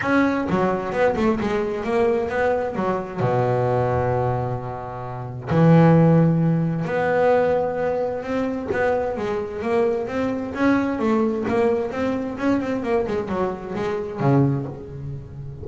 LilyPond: \new Staff \with { instrumentName = "double bass" } { \time 4/4 \tempo 4 = 131 cis'4 fis4 b8 a8 gis4 | ais4 b4 fis4 b,4~ | b,1 | e2. b4~ |
b2 c'4 b4 | gis4 ais4 c'4 cis'4 | a4 ais4 c'4 cis'8 c'8 | ais8 gis8 fis4 gis4 cis4 | }